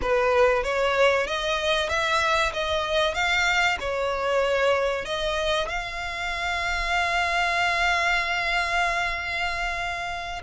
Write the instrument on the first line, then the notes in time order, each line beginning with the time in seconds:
violin
0.01 B4
0.63 C#5
1.26 D#5
1.89 E5
2.53 D#5
3.14 F5
3.80 C#5
5.05 D#5
5.68 F5